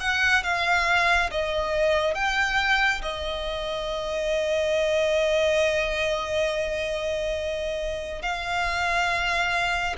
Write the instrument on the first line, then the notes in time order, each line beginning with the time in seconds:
violin
0.00 F#5
0.43 F5
1.31 D#5
2.15 G5
3.02 D#5
8.22 F5